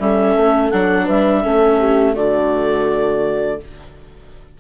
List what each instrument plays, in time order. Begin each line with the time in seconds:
0.00 bassoon G3, viola C#4, horn A4, clarinet E5
0.36 bassoon A3
0.71 bassoon F#3, viola D4, clarinet F#5
1.05 bassoon G3, horn B4, clarinet E5
1.43 bassoon A3, viola C#4, horn A4
1.79 horn G4
2.14 bassoon D3, viola A3, horn F#4, clarinet D5